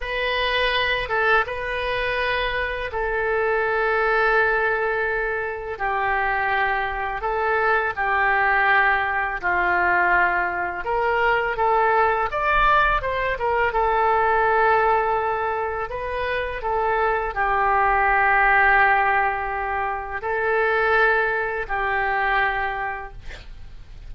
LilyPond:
\new Staff \with { instrumentName = "oboe" } { \time 4/4 \tempo 4 = 83 b'4. a'8 b'2 | a'1 | g'2 a'4 g'4~ | g'4 f'2 ais'4 |
a'4 d''4 c''8 ais'8 a'4~ | a'2 b'4 a'4 | g'1 | a'2 g'2 | }